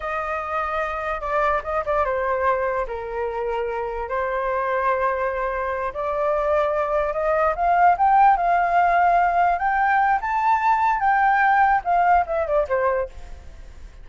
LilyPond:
\new Staff \with { instrumentName = "flute" } { \time 4/4 \tempo 4 = 147 dis''2. d''4 | dis''8 d''8 c''2 ais'4~ | ais'2 c''2~ | c''2~ c''8 d''4.~ |
d''4. dis''4 f''4 g''8~ | g''8 f''2. g''8~ | g''4 a''2 g''4~ | g''4 f''4 e''8 d''8 c''4 | }